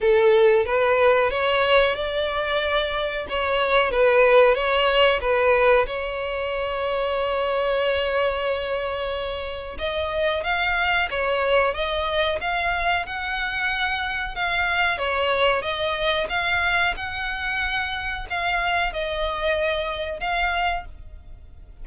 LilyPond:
\new Staff \with { instrumentName = "violin" } { \time 4/4 \tempo 4 = 92 a'4 b'4 cis''4 d''4~ | d''4 cis''4 b'4 cis''4 | b'4 cis''2.~ | cis''2. dis''4 |
f''4 cis''4 dis''4 f''4 | fis''2 f''4 cis''4 | dis''4 f''4 fis''2 | f''4 dis''2 f''4 | }